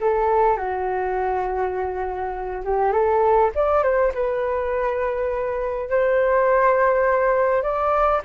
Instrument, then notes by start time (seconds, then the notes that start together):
flute
0.00 A4
0.56 F#4
2.64 G4
2.92 A4
3.55 D5
3.83 C5
4.14 B4
5.89 C5
7.62 D5